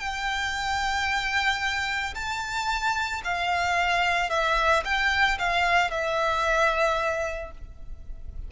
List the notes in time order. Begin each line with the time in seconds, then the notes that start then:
0.00 G5
2.15 A5
3.24 F5
4.30 E5
4.85 G5
5.39 F5
5.91 E5